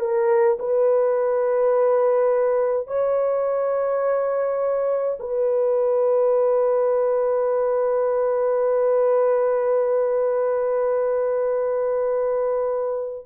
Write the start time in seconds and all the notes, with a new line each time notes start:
0.00 A#4
0.59 B4
2.87 C#5
5.19 B4